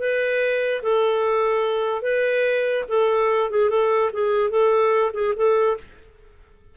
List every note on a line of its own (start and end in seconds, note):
0.00 0.82 B4
0.83 2.02 A4
2.02 2.85 B4
2.89 3.50 A4
3.51 3.70 G#4
3.70 4.11 A4
4.13 4.50 G#4
4.50 5.12 A4
5.14 5.34 G#4
5.36 5.77 A4